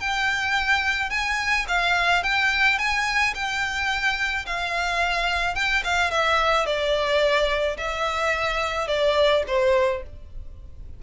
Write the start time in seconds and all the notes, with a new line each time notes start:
0.00 G5
1.10 G#5
1.68 F5
2.23 G5
2.78 G#5
3.34 G5
4.46 F5
5.55 G5
5.84 F5
6.11 E5
6.66 D5
7.77 E5
8.87 D5
9.47 C5